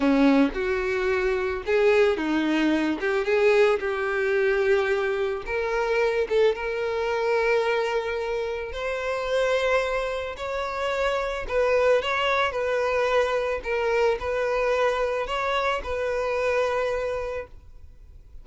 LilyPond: \new Staff \with { instrumentName = "violin" } { \time 4/4 \tempo 4 = 110 cis'4 fis'2 gis'4 | dis'4. g'8 gis'4 g'4~ | g'2 ais'4. a'8 | ais'1 |
c''2. cis''4~ | cis''4 b'4 cis''4 b'4~ | b'4 ais'4 b'2 | cis''4 b'2. | }